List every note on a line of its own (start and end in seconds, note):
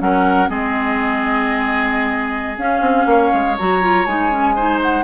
0.00 0.50 F#3
0.00 0.48 C#4
0.00 0.50 A#4
0.00 0.49 F#5
0.48 2.58 G#3
0.48 2.57 C4
0.48 3.08 G#4
0.48 2.58 D#5
2.58 2.81 C#4
2.58 3.57 C#4
2.58 3.57 F5
2.81 3.06 C4
3.06 3.31 A#3
3.06 4.56 C#5
3.34 3.58 G#3
3.58 4.06 F#3
3.58 3.82 F#4
3.58 4.06 A#5
3.82 4.07 F4
4.06 5.04 G#3
4.06 4.31 D#4
4.06 4.79 G#5
4.31 4.55 C#4
4.56 5.04 D#4
4.56 5.04 C5
4.83 5.04 F#5